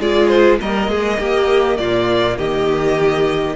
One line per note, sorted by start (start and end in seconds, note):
0.00 0.60 G#3
0.00 0.61 F4
0.00 0.59 G#4
0.00 0.28 D5
0.28 0.58 C5
0.61 0.88 G3
0.61 3.56 A#3
0.61 0.91 A#4
0.61 1.78 D#5
0.88 1.18 G#3
0.88 1.19 G#4
1.19 1.79 A#3
1.19 1.79 G4
1.78 2.39 A#2
1.78 2.38 F4
1.78 2.37 D5
2.38 3.56 D#3
2.38 3.56 G4
2.38 3.56 D#5